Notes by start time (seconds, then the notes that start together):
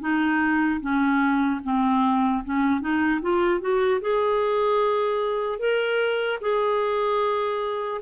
0.00 D#4
0.81 C#4
1.63 C4
2.44 C#4
2.81 D#4
3.21 F4
3.61 F#4
4.01 G#4
5.59 A#4
6.41 G#4